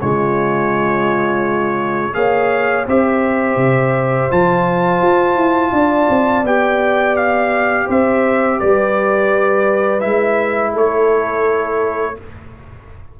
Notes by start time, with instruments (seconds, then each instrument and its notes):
0.00 tuba C#3, trombone G#3, horn F4, trumpet C#5
2.13 tuba A#3, trombone G#4, horn C#5, trumpet F5
2.86 tuba C4, trombone G4, horn C5, trumpet E5
3.56 tuba C3
4.30 tuba F3, trombone F4, trumpet A5
5.01 tuba F4
5.35 tuba E4
5.72 tuba D4, horn D5
6.09 tuba C4
6.43 tuba B3, trombone G4, trumpet G5
7.16 trumpet F5
7.86 tuba C4, horn C5, trumpet E5
8.58 tuba G3, horn B4, trumpet D5
10.00 tuba G#3, trombone E4, trumpet E5
10.73 tuba A3, horn A4, trumpet C#5